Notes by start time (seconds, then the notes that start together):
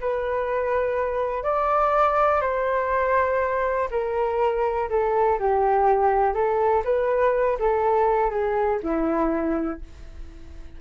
0.00 B4
1.43 D5
2.41 C5
3.90 A#4
4.89 A4
5.39 G4
6.34 A4
6.84 B4
7.59 A4
8.30 G#4
8.82 E4